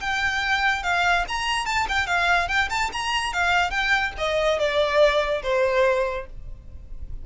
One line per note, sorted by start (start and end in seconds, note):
0.00 0.83 G5
0.83 1.24 F5
1.28 1.66 A#5
1.66 1.86 A5
1.88 2.06 G5
2.06 2.48 F5
2.48 2.69 G5
2.70 2.90 A5
2.92 3.33 A#5
3.33 3.70 F5
3.70 4.12 G5
4.17 4.59 D#5
4.59 5.42 D5
5.42 6.26 C5